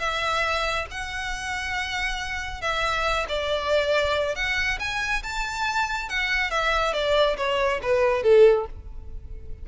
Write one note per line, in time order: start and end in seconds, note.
0.00 0.86 E5
0.92 2.62 F#5
2.62 3.26 E5
3.29 4.36 D5
4.36 4.79 F#5
4.80 5.23 G#5
5.24 6.10 A5
6.10 6.51 F#5
6.51 6.94 E5
6.94 7.37 D5
7.38 7.81 C#5
7.83 8.23 B4
8.23 8.67 A4